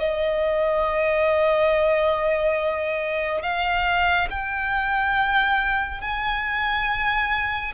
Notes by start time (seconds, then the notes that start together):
0.00 D#5
3.42 F5
4.31 G5
6.02 G#5